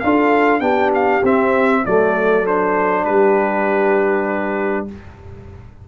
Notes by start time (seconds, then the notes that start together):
0.00 D4 F4 A4 F5
0.60 B3 D4 G4 G5
0.94 F5
1.23 C4 E5
1.85 F#3 A3 A4 D5
2.46 D4 C5
3.05 G3 G4 B4